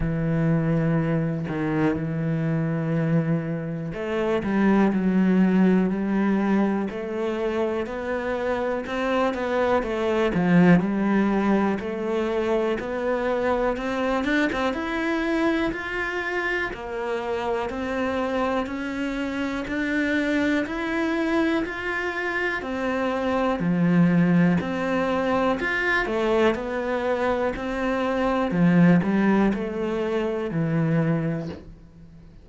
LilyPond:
\new Staff \with { instrumentName = "cello" } { \time 4/4 \tempo 4 = 61 e4. dis8 e2 | a8 g8 fis4 g4 a4 | b4 c'8 b8 a8 f8 g4 | a4 b4 c'8 d'16 c'16 e'4 |
f'4 ais4 c'4 cis'4 | d'4 e'4 f'4 c'4 | f4 c'4 f'8 a8 b4 | c'4 f8 g8 a4 e4 | }